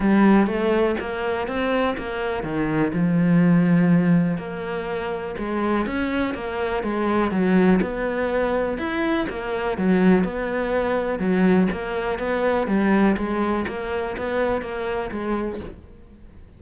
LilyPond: \new Staff \with { instrumentName = "cello" } { \time 4/4 \tempo 4 = 123 g4 a4 ais4 c'4 | ais4 dis4 f2~ | f4 ais2 gis4 | cis'4 ais4 gis4 fis4 |
b2 e'4 ais4 | fis4 b2 fis4 | ais4 b4 g4 gis4 | ais4 b4 ais4 gis4 | }